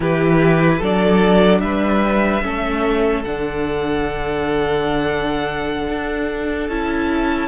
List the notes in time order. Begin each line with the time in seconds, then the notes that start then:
0.00 E3 E4 G4 B4
0.78 F#3 D4 A4 D5
1.60 G3 B4 E5
2.42 A3 C#4 A4
3.24 D3 D4 F#5
5.88 D4
6.68 C#4 E4 A5